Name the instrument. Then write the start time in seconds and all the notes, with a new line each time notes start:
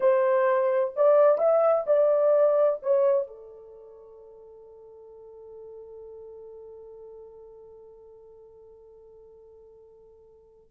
horn
0.00 C5
0.96 D5
1.37 E5
1.86 D5
2.82 C#5
3.27 A4